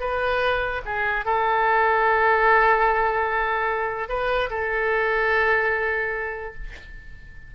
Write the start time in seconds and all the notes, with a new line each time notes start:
0.00 B4
0.85 G#4
1.25 A4
4.09 B4
4.50 A4